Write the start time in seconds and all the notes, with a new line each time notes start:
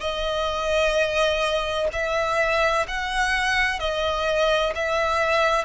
0.00 D#5
1.92 E5
2.88 F#5
3.79 D#5
4.75 E5